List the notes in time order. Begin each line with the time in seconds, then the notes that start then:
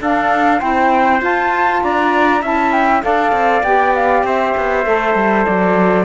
0.00 D4 A4 F5
0.59 C4 E4 C5 G5
1.19 F4 A5
1.83 D4 D5 A#5
2.41 C#4 E4 E5 A5
2.72 G5
3.02 D4 A4 D5 F5
3.32 C4
3.63 B3 G4 G5
3.95 F5
4.23 C4 C5 E5
4.57 B3
4.85 A3 A4
5.15 G3
5.45 F#3 D5